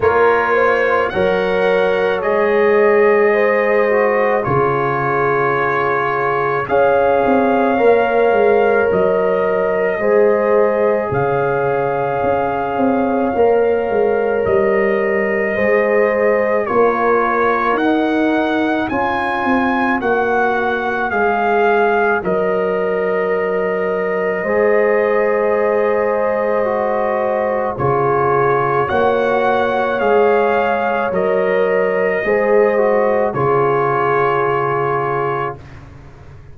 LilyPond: <<
  \new Staff \with { instrumentName = "trumpet" } { \time 4/4 \tempo 4 = 54 cis''4 fis''4 dis''2 | cis''2 f''2 | dis''2 f''2~ | f''4 dis''2 cis''4 |
fis''4 gis''4 fis''4 f''4 | dis''1~ | dis''4 cis''4 fis''4 f''4 | dis''2 cis''2 | }
  \new Staff \with { instrumentName = "horn" } { \time 4/4 ais'8 c''8 cis''2 c''4 | gis'2 cis''2~ | cis''4 c''4 cis''2~ | cis''2 c''4 ais'4~ |
ais'4 cis''2.~ | cis''2 c''2~ | c''4 gis'4 cis''2~ | cis''4 c''4 gis'2 | }
  \new Staff \with { instrumentName = "trombone" } { \time 4/4 f'4 ais'4 gis'4. fis'8 | f'2 gis'4 ais'4~ | ais'4 gis'2. | ais'2 gis'4 f'4 |
dis'4 f'4 fis'4 gis'4 | ais'2 gis'2 | fis'4 f'4 fis'4 gis'4 | ais'4 gis'8 fis'8 f'2 | }
  \new Staff \with { instrumentName = "tuba" } { \time 4/4 ais4 fis4 gis2 | cis2 cis'8 c'8 ais8 gis8 | fis4 gis4 cis4 cis'8 c'8 | ais8 gis8 g4 gis4 ais4 |
dis'4 cis'8 c'8 ais4 gis4 | fis2 gis2~ | gis4 cis4 ais4 gis4 | fis4 gis4 cis2 | }
>>